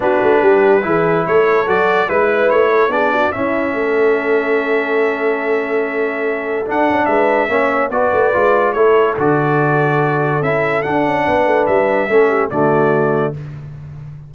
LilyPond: <<
  \new Staff \with { instrumentName = "trumpet" } { \time 4/4 \tempo 4 = 144 b'2. cis''4 | d''4 b'4 cis''4 d''4 | e''1~ | e''1 |
fis''4 e''2 d''4~ | d''4 cis''4 d''2~ | d''4 e''4 fis''2 | e''2 d''2 | }
  \new Staff \with { instrumentName = "horn" } { \time 4/4 fis'4 g'4 gis'4 a'4~ | a'4 b'4. a'8 gis'8 fis'8 | e'4 a'2.~ | a'1~ |
a'4 b'4 cis''4 b'4~ | b'4 a'2.~ | a'2. b'4~ | b'4 a'8 g'8 fis'2 | }
  \new Staff \with { instrumentName = "trombone" } { \time 4/4 d'2 e'2 | fis'4 e'2 d'4 | cis'1~ | cis'1 |
d'2 cis'4 fis'4 | f'4 e'4 fis'2~ | fis'4 e'4 d'2~ | d'4 cis'4 a2 | }
  \new Staff \with { instrumentName = "tuba" } { \time 4/4 b8 a8 g4 e4 a4 | fis4 gis4 a4 b4 | cis'4 a2.~ | a1 |
d'8 cis'8 gis4 ais4 b8 a8 | gis4 a4 d2~ | d4 cis'4 d'8 cis'8 b8 a8 | g4 a4 d2 | }
>>